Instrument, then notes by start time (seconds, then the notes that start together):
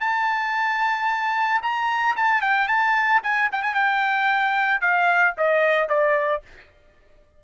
trumpet
0.00 A5
1.62 A#5
2.16 A5
2.42 G5
2.68 A5
3.23 G#5
3.52 G5
3.62 G#5
3.74 G5
4.81 F5
5.37 D#5
5.89 D5